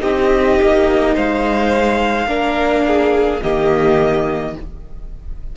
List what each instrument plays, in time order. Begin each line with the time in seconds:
0.00 cello C4, viola D#4, violin G4 D#5
0.62 cello A#3
1.14 cello G#3, violin C5 F5
2.27 cello A#3, viola D4, violin A#4
2.87 violin G#4
3.42 cello D#3, viola A#3, violin G4 D#5